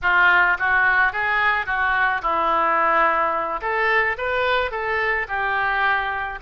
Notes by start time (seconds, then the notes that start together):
0.02 F4
0.59 F#4
1.12 G#4
1.66 F#4
2.21 E4
3.61 A4
4.17 B4
4.71 A4
5.28 G4